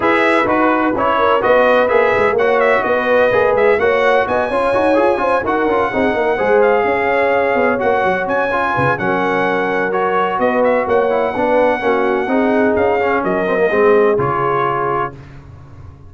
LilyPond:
<<
  \new Staff \with { instrumentName = "trumpet" } { \time 4/4 \tempo 4 = 127 e''4 b'4 cis''4 dis''4 | e''4 fis''8 e''8 dis''4. e''8 | fis''4 gis''2~ gis''8 fis''8~ | fis''2 f''2~ |
f''8 fis''4 gis''4. fis''4~ | fis''4 cis''4 dis''8 e''8 fis''4~ | fis''2. f''4 | dis''2 cis''2 | }
  \new Staff \with { instrumentName = "horn" } { \time 4/4 b'2~ b'8 ais'8 b'4~ | b'4 cis''4 b'2 | cis''4 dis''8 cis''4. c''8 ais'8~ | ais'8 gis'8 ais'8 c''4 cis''4.~ |
cis''2~ cis''8 b'8 ais'4~ | ais'2 b'4 cis''4 | b'4 fis'4 gis'2 | ais'4 gis'2. | }
  \new Staff \with { instrumentName = "trombone" } { \time 4/4 gis'4 fis'4 e'4 fis'4 | gis'4 fis'2 gis'4 | fis'4. f'8 fis'8 gis'8 f'8 fis'8 | f'8 dis'4 gis'2~ gis'8~ |
gis'8 fis'4. f'4 cis'4~ | cis'4 fis'2~ fis'8 e'8 | d'4 cis'4 dis'4. cis'8~ | cis'8 c'16 ais16 c'4 f'2 | }
  \new Staff \with { instrumentName = "tuba" } { \time 4/4 e'4 dis'4 cis'4 b4 | ais8 gis8 ais4 b4 ais8 gis8 | ais4 b8 cis'8 dis'8 f'8 cis'8 dis'8 | cis'8 c'8 ais8 gis4 cis'4. |
b8 ais8 fis8 cis'4 cis8 fis4~ | fis2 b4 ais4 | b4 ais4 c'4 cis'4 | fis4 gis4 cis2 | }
>>